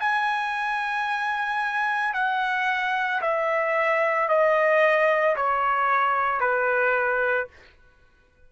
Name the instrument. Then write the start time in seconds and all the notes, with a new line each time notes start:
trumpet
0.00 G#5
2.14 F#5
3.21 E5
4.29 D#5
5.36 C#5
6.40 B4